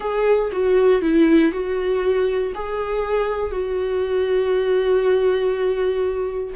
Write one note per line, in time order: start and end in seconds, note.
0.00 0.50 G#4
0.52 1.01 F#4
1.01 1.51 E4
1.52 2.53 F#4
2.55 3.51 G#4
3.51 6.53 F#4